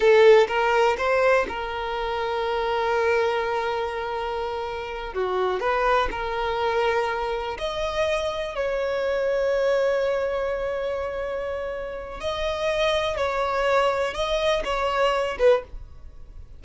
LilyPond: \new Staff \with { instrumentName = "violin" } { \time 4/4 \tempo 4 = 123 a'4 ais'4 c''4 ais'4~ | ais'1~ | ais'2~ ais'8 fis'4 b'8~ | b'8 ais'2. dis''8~ |
dis''4. cis''2~ cis''8~ | cis''1~ | cis''4 dis''2 cis''4~ | cis''4 dis''4 cis''4. b'8 | }